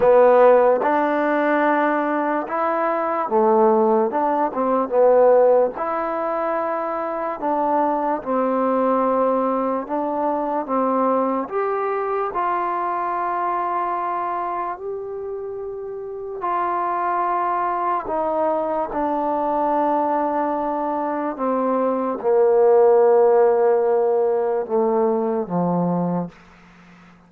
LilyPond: \new Staff \with { instrumentName = "trombone" } { \time 4/4 \tempo 4 = 73 b4 d'2 e'4 | a4 d'8 c'8 b4 e'4~ | e'4 d'4 c'2 | d'4 c'4 g'4 f'4~ |
f'2 g'2 | f'2 dis'4 d'4~ | d'2 c'4 ais4~ | ais2 a4 f4 | }